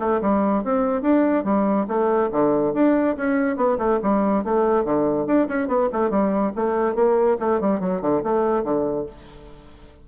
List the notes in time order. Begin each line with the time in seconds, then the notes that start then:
0.00 A3
0.22 G3
0.64 C4
1.02 D4
1.45 G3
1.88 A3
2.32 D3
2.74 D4
3.17 C#4
3.57 B3
3.79 A3
4.03 G3
4.45 A3
4.85 D3
5.27 D4
5.48 C#4
5.68 B3
5.93 A3
6.10 G3
6.56 A3
6.95 A#3
7.40 A3
7.61 G3
7.81 F#3
8.02 D3
8.24 A3
8.64 D3